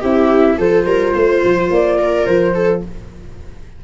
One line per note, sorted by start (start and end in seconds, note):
0.00 0.58 C4
0.00 0.60 E4
0.00 0.56 G4
0.00 0.59 E5
0.58 0.86 F3
0.58 2.84 F4
0.58 0.86 A4
0.58 1.72 C5
0.86 1.14 G3
0.86 1.14 A#4
1.14 1.42 A3
1.14 1.98 C5
1.45 1.70 F3
1.70 2.26 A#3
1.70 2.25 D5
1.98 2.54 A#4
2.25 2.83 F3
2.25 2.82 C5
2.54 2.82 A4